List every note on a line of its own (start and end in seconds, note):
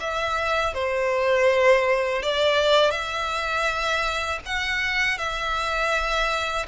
0.00 0.74 E5
0.74 2.22 C5
2.22 2.91 D5
2.91 4.39 E5
4.46 5.18 F#5
5.18 6.66 E5